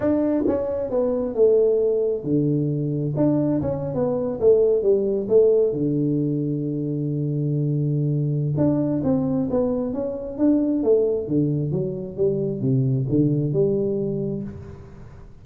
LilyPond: \new Staff \with { instrumentName = "tuba" } { \time 4/4 \tempo 4 = 133 d'4 cis'4 b4 a4~ | a4 d2 d'4 | cis'8. b4 a4 g4 a16~ | a8. d2.~ d16~ |
d2. d'4 | c'4 b4 cis'4 d'4 | a4 d4 fis4 g4 | c4 d4 g2 | }